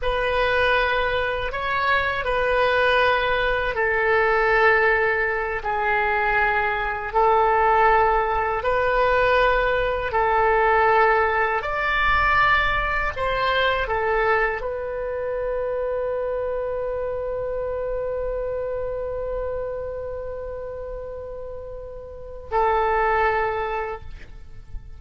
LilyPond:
\new Staff \with { instrumentName = "oboe" } { \time 4/4 \tempo 4 = 80 b'2 cis''4 b'4~ | b'4 a'2~ a'8 gis'8~ | gis'4. a'2 b'8~ | b'4. a'2 d''8~ |
d''4. c''4 a'4 b'8~ | b'1~ | b'1~ | b'2 a'2 | }